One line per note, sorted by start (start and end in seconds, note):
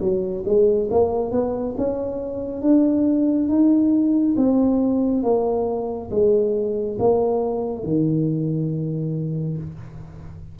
0.00 0.43 F#3
0.45 0.89 G#3
0.91 1.32 A#3
1.32 1.75 B3
1.77 2.62 C#4
2.62 3.49 D4
3.49 4.36 D#4
4.37 5.23 C4
5.23 6.10 A#3
6.11 6.98 G#3
6.99 7.84 A#3
7.84 9.58 D#3